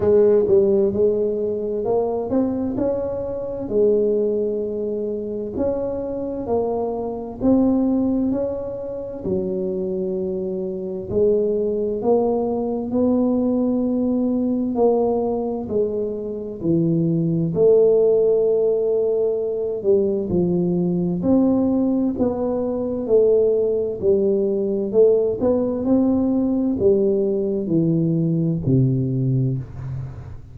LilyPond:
\new Staff \with { instrumentName = "tuba" } { \time 4/4 \tempo 4 = 65 gis8 g8 gis4 ais8 c'8 cis'4 | gis2 cis'4 ais4 | c'4 cis'4 fis2 | gis4 ais4 b2 |
ais4 gis4 e4 a4~ | a4. g8 f4 c'4 | b4 a4 g4 a8 b8 | c'4 g4 e4 c4 | }